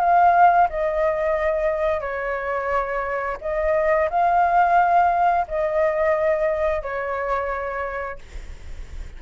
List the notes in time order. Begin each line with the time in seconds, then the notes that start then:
0.00 F5
0.69 D#5
2.01 C#5
3.41 D#5
4.10 F5
5.48 D#5
6.82 C#5